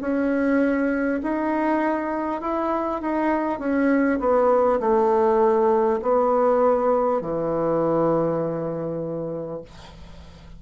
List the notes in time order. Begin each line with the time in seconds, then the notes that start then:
0.00 C#4
1.22 D#4
2.41 E4
3.01 D#4
3.59 C#4
4.19 B3
4.80 A3
6.02 B3
7.21 E3